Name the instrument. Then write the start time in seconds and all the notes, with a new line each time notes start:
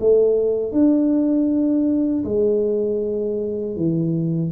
tuba
0.00 A3
0.72 D4
2.25 G#3
3.76 E3